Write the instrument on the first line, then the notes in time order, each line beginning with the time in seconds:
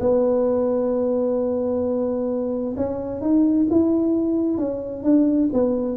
tuba
0.00 B3
2.76 C#4
3.21 D#4
3.70 E4
4.57 C#4
5.03 D4
5.53 B3